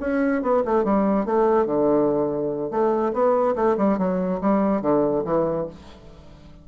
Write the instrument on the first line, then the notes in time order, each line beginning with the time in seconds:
bassoon
0.00 C#4
0.42 B3
0.65 A3
0.84 G3
1.25 A3
1.66 D3
2.70 A3
3.13 B3
3.55 A3
3.77 G3
3.98 F#3
4.41 G3
4.81 D3
5.24 E3